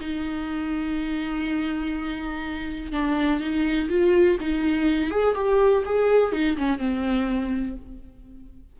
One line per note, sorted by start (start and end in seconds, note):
0.00 2.91 D#4
2.91 3.40 D4
3.40 3.88 D#4
3.89 4.37 F4
4.39 5.10 D#4
5.10 5.35 G#4
5.35 5.83 G4
5.85 6.32 G#4
6.32 6.56 D#4
6.57 6.78 C#4
6.78 7.75 C4